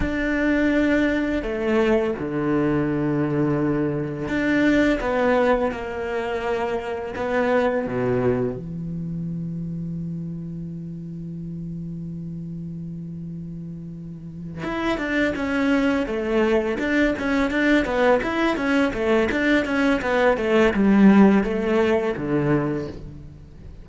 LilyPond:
\new Staff \with { instrumentName = "cello" } { \time 4/4 \tempo 4 = 84 d'2 a4 d4~ | d2 d'4 b4 | ais2 b4 b,4 | e1~ |
e1~ | e8 e'8 d'8 cis'4 a4 d'8 | cis'8 d'8 b8 e'8 cis'8 a8 d'8 cis'8 | b8 a8 g4 a4 d4 | }